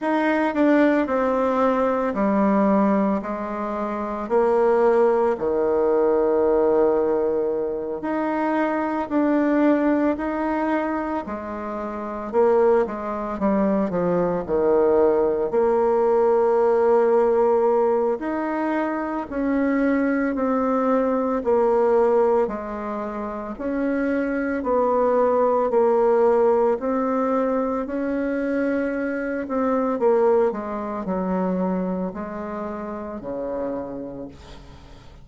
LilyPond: \new Staff \with { instrumentName = "bassoon" } { \time 4/4 \tempo 4 = 56 dis'8 d'8 c'4 g4 gis4 | ais4 dis2~ dis8 dis'8~ | dis'8 d'4 dis'4 gis4 ais8 | gis8 g8 f8 dis4 ais4.~ |
ais4 dis'4 cis'4 c'4 | ais4 gis4 cis'4 b4 | ais4 c'4 cis'4. c'8 | ais8 gis8 fis4 gis4 cis4 | }